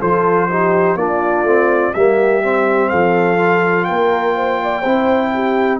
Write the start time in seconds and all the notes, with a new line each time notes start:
0.00 F3 F4 A4 C5
0.50 D#4 G4
0.95 A#3 D4 F4 D5
1.43 A3 C4
1.94 G3 A#3 G4 E5
2.42 C4
2.89 F3 A4 F5
3.37 F4
3.84 A#3 A#4 G5
4.35 C5
4.63 D5
4.81 C4 E4 C5
5.34 G4